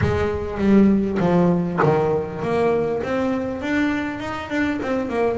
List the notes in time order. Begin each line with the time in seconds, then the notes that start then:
0.01 G#3
0.58 G3
1.19 F3
1.82 D#3
2.42 A#3
3.03 C4
3.61 D4
4.19 D#4
4.50 D4
4.82 C4
5.09 A#3